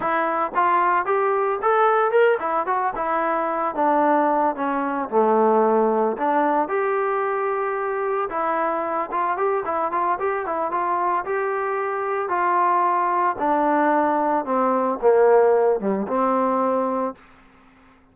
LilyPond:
\new Staff \with { instrumentName = "trombone" } { \time 4/4 \tempo 4 = 112 e'4 f'4 g'4 a'4 | ais'8 e'8 fis'8 e'4. d'4~ | d'8 cis'4 a2 d'8~ | d'8 g'2. e'8~ |
e'4 f'8 g'8 e'8 f'8 g'8 e'8 | f'4 g'2 f'4~ | f'4 d'2 c'4 | ais4. g8 c'2 | }